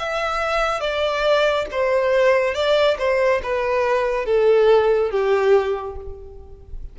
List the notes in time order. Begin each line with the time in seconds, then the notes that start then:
0.00 E5
0.81 D5
1.71 C5
2.55 D5
2.99 C5
3.43 B4
4.26 A4
5.11 G4